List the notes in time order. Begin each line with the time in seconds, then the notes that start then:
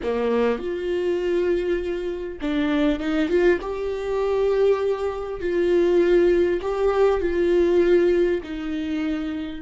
0.03 A#3
0.58 F4
2.41 D4
2.99 D#4
3.28 F4
3.61 G4
5.40 F4
6.61 G4
7.20 F4
8.43 D#4